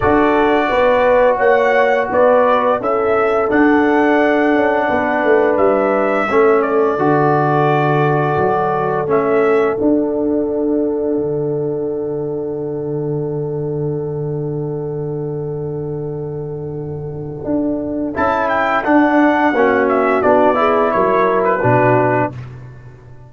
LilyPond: <<
  \new Staff \with { instrumentName = "trumpet" } { \time 4/4 \tempo 4 = 86 d''2 fis''4 d''4 | e''4 fis''2. | e''4. d''2~ d''8~ | d''4 e''4 fis''2~ |
fis''1~ | fis''1~ | fis''2 a''8 g''8 fis''4~ | fis''8 e''8 d''4 cis''8. b'4~ b'16 | }
  \new Staff \with { instrumentName = "horn" } { \time 4/4 a'4 b'4 cis''4 b'4 | a'2. b'4~ | b'4 a'2.~ | a'1~ |
a'1~ | a'1~ | a'1 | fis'4. gis'8 ais'4 fis'4 | }
  \new Staff \with { instrumentName = "trombone" } { \time 4/4 fis'1 | e'4 d'2.~ | d'4 cis'4 fis'2~ | fis'4 cis'4 d'2~ |
d'1~ | d'1~ | d'2 e'4 d'4 | cis'4 d'8 e'4. d'4 | }
  \new Staff \with { instrumentName = "tuba" } { \time 4/4 d'4 b4 ais4 b4 | cis'4 d'4. cis'8 b8 a8 | g4 a4 d2 | fis4 a4 d'2 |
d1~ | d1~ | d4 d'4 cis'4 d'4 | ais4 b4 fis4 b,4 | }
>>